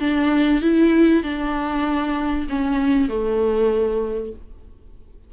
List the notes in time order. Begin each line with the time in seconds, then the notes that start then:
0.00 D4
0.62 E4
1.23 D4
2.49 C#4
3.09 A3